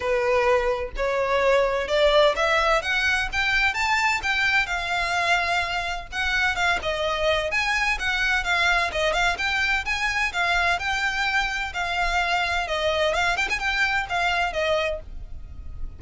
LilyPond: \new Staff \with { instrumentName = "violin" } { \time 4/4 \tempo 4 = 128 b'2 cis''2 | d''4 e''4 fis''4 g''4 | a''4 g''4 f''2~ | f''4 fis''4 f''8 dis''4. |
gis''4 fis''4 f''4 dis''8 f''8 | g''4 gis''4 f''4 g''4~ | g''4 f''2 dis''4 | f''8 g''16 gis''16 g''4 f''4 dis''4 | }